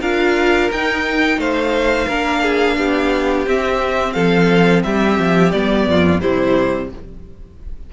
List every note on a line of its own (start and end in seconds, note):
0.00 0.70 D4
0.00 0.71 F4
0.00 1.38 A#4
0.00 0.70 F5
0.71 1.37 D#4
0.71 2.09 D#4
0.71 1.40 G5
1.37 2.06 A3
1.37 2.07 C5
1.37 3.47 F5
2.07 2.77 A#3
2.07 3.46 D4
2.07 2.42 A#4
2.42 2.76 G#4
2.77 3.46 B3
2.77 4.14 G4
3.46 5.53 C4
3.46 4.15 C4
3.46 4.13 E5
4.13 4.84 F3
4.13 4.83 A4
4.13 4.82 F5
4.83 5.18 G3
4.83 5.89 G4
4.83 5.51 E5
5.18 5.53 F3
5.51 5.87 G3
5.51 6.20 B3
5.51 6.20 D5
5.87 6.22 F2
5.87 6.21 F4
6.20 6.93 C3
6.20 6.89 G3
6.20 6.90 E4
6.20 6.90 C5